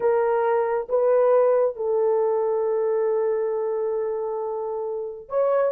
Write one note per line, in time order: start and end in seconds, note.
0.00 0.88 A#4
0.88 1.76 B4
1.76 5.28 A4
5.28 5.72 C#5